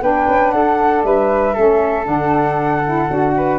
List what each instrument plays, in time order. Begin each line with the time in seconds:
0.00 tuba B3, saxophone D4, flute B4 G5
0.28 tuba C#4
0.51 tuba D4, flute A4 F#5
1.04 tuba G3, flute B4 E5
1.53 tuba A3, saxophone C#4, flute A4
2.04 tuba D3, saxophone D4, flute F#5
2.85 saxophone E4
3.08 tuba D4, saxophone F#4
3.36 flute B4